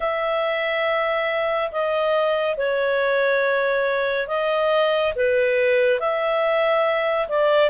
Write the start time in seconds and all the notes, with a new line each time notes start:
0.00 E5
1.71 D#5
2.57 C#5
4.27 D#5
5.15 B4
5.99 E5
7.28 D5